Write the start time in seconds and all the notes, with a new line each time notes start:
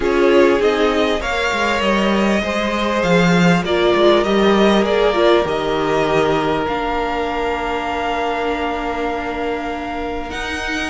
0.00 C#4 F4 G#4 C#5
0.58 C4 D#4 D#5
1.20 A#3 A#4 C#5 F5
1.52 G#3
1.81 G3 D#5
2.42 G#3 G#4 C5
3.02 F3 F5
3.63 A#3 F4 A#4 D5
3.94 G#3
4.23 G3 G4 D#5
4.84 A#3 G#4 D5
5.14 F4
5.44 D#3 G4 D#5
6.66 A#3 D4 F5
10.29 D#4 F#5